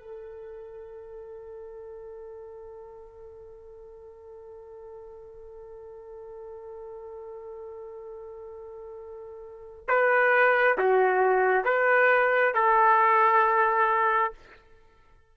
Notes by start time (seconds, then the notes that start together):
0.00 A4
9.88 B4
10.78 F#4
11.65 B4
12.55 A4